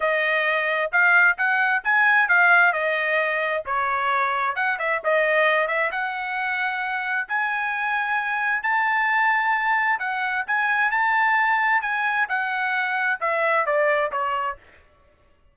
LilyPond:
\new Staff \with { instrumentName = "trumpet" } { \time 4/4 \tempo 4 = 132 dis''2 f''4 fis''4 | gis''4 f''4 dis''2 | cis''2 fis''8 e''8 dis''4~ | dis''8 e''8 fis''2. |
gis''2. a''4~ | a''2 fis''4 gis''4 | a''2 gis''4 fis''4~ | fis''4 e''4 d''4 cis''4 | }